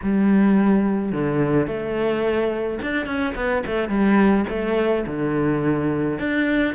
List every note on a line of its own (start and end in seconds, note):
0.02 1.11 G3
1.11 1.67 D3
1.67 2.79 A3
2.82 3.06 D4
3.06 3.34 C#4
3.35 3.63 B3
3.66 3.88 A3
3.88 4.45 G3
4.49 5.05 A3
5.06 6.18 D3
6.18 6.74 D4